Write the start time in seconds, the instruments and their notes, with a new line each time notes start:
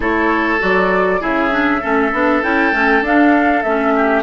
0.00 bassoon A3, clarinet E4, oboe A4, flute C#5
0.59 bassoon F#3, clarinet F#4, flute D5
1.20 bassoon C#3, clarinet E4, oboe G#4, flute E5
1.51 clarinet D4
1.81 bassoon A3, clarinet C#4, oboe A4
2.12 bassoon B3, clarinet D4
2.42 bassoon C#4, clarinet E4, flute G5
2.71 bassoon A3, clarinet C#4
3.01 bassoon D4, clarinet D4, flute F5
3.62 bassoon A3, clarinet C#4, flute E5
3.96 oboe G4